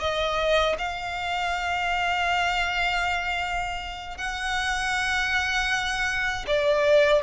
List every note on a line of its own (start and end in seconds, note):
0.00 0.76 D#5
0.78 4.18 F5
4.18 6.46 F#5
6.47 7.23 D5